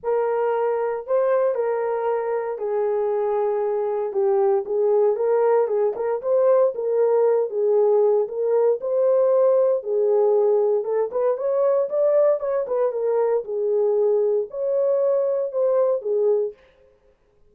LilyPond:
\new Staff \with { instrumentName = "horn" } { \time 4/4 \tempo 4 = 116 ais'2 c''4 ais'4~ | ais'4 gis'2. | g'4 gis'4 ais'4 gis'8 ais'8 | c''4 ais'4. gis'4. |
ais'4 c''2 gis'4~ | gis'4 a'8 b'8 cis''4 d''4 | cis''8 b'8 ais'4 gis'2 | cis''2 c''4 gis'4 | }